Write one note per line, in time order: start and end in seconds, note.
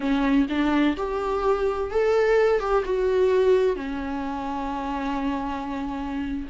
0.00 0.46 C#4
0.49 0.96 D4
0.96 1.90 G4
1.90 2.60 A4
2.60 2.83 G4
2.84 3.76 F#4
3.76 6.47 C#4